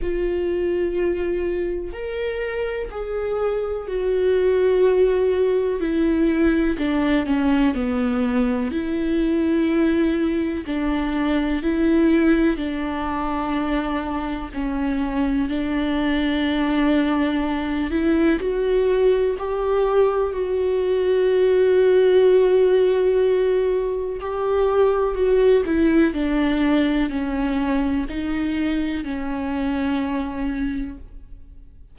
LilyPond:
\new Staff \with { instrumentName = "viola" } { \time 4/4 \tempo 4 = 62 f'2 ais'4 gis'4 | fis'2 e'4 d'8 cis'8 | b4 e'2 d'4 | e'4 d'2 cis'4 |
d'2~ d'8 e'8 fis'4 | g'4 fis'2.~ | fis'4 g'4 fis'8 e'8 d'4 | cis'4 dis'4 cis'2 | }